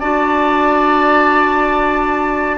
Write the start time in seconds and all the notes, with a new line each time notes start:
0.00 D4 F#4 D5 A5